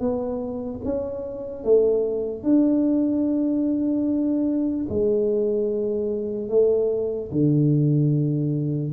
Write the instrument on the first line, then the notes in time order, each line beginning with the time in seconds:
tuba
0.00 B3
0.85 C#4
1.64 A3
2.43 D4
4.89 G#3
6.49 A3
7.32 D3